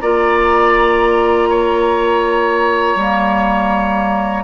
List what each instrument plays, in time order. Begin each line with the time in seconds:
0.00 bassoon A#3, clarinet F4, oboe D5, flute A#5
1.49 oboe C#5
2.96 bassoon G3, clarinet A#3